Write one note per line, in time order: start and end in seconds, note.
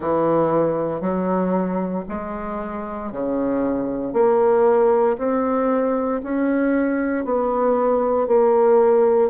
0.00 1.01 E3
1.01 2.04 F#3
2.08 3.12 G#3
3.12 4.13 C#3
4.13 5.16 A#3
5.17 6.21 C4
6.23 7.25 C#4
7.25 8.27 B3
8.27 9.30 A#3